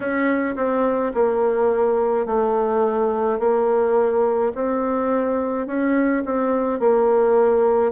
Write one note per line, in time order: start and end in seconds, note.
0.00 0.55 C#4
0.56 1.12 C4
1.14 2.26 A#3
2.26 3.39 A3
3.39 4.52 A#3
4.54 5.66 C4
5.66 6.23 C#4
6.25 6.79 C4
6.79 7.92 A#3